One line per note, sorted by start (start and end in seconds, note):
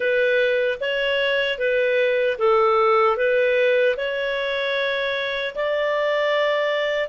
0.00 0.78 B4
0.80 1.58 C#5
1.58 2.37 B4
2.38 3.17 A4
3.17 3.95 B4
3.97 5.54 C#5
5.55 7.08 D5